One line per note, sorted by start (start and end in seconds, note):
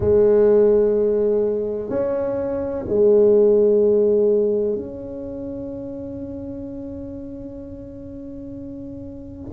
0.00 1.89 G#3
1.89 2.84 C#4
2.88 4.75 G#3
4.75 9.52 C#4